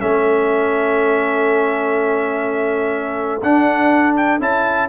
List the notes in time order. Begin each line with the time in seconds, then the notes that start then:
0.00 A3 C#4 A4 E5
3.43 D4 F#5
4.17 G5
4.40 C#4 E4 A5